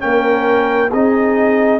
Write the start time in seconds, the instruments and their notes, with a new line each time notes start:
0.00 tuba A#3, trombone C#4, horn A#4, trumpet G5
0.91 tuba C4, trombone D#4, horn G#4, trumpet D#5